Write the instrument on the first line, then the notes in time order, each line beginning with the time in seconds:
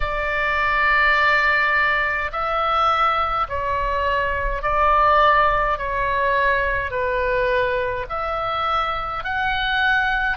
oboe
0.00 D5
2.31 E5
3.48 C#5
4.62 D5
5.77 C#5
6.90 B4
8.09 E5
9.24 F#5